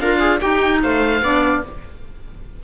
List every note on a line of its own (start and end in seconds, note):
0.00 0.40 D4
0.00 0.41 F4
0.00 0.19 A#4
0.00 0.40 F5
0.19 0.39 G#4
0.41 1.21 D#4
0.41 0.83 D#4
0.41 0.82 G4
0.41 0.81 G5
0.83 1.22 A3
0.83 1.23 C5
0.83 1.63 F5
1.22 1.62 B3
1.22 1.63 D4
1.22 1.63 D5